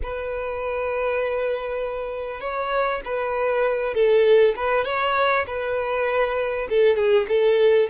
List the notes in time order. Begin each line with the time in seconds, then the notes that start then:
0.02 B4
2.40 C#5
3.04 B4
3.94 A4
4.55 B4
4.85 C#5
5.46 B4
6.69 A4
6.96 G#4
7.28 A4